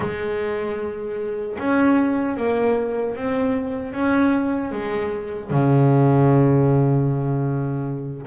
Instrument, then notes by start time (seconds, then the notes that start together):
double bass
0.00 G#3
1.58 C#4
2.36 A#3
3.15 C4
3.92 C#4
4.71 G#3
5.50 C#3